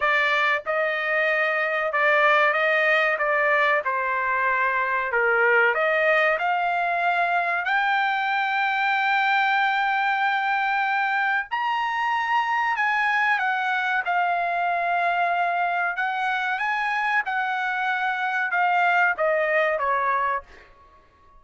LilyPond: \new Staff \with { instrumentName = "trumpet" } { \time 4/4 \tempo 4 = 94 d''4 dis''2 d''4 | dis''4 d''4 c''2 | ais'4 dis''4 f''2 | g''1~ |
g''2 ais''2 | gis''4 fis''4 f''2~ | f''4 fis''4 gis''4 fis''4~ | fis''4 f''4 dis''4 cis''4 | }